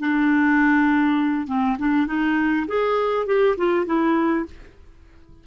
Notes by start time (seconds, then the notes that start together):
0.00 D4
1.47 C4
1.79 D4
2.07 D#4
2.68 G#4
3.27 G4
3.58 F4
3.86 E4